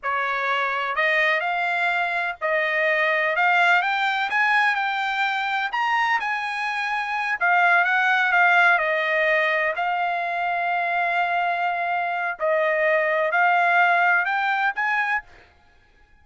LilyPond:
\new Staff \with { instrumentName = "trumpet" } { \time 4/4 \tempo 4 = 126 cis''2 dis''4 f''4~ | f''4 dis''2 f''4 | g''4 gis''4 g''2 | ais''4 gis''2~ gis''8 f''8~ |
f''8 fis''4 f''4 dis''4.~ | dis''8 f''2.~ f''8~ | f''2 dis''2 | f''2 g''4 gis''4 | }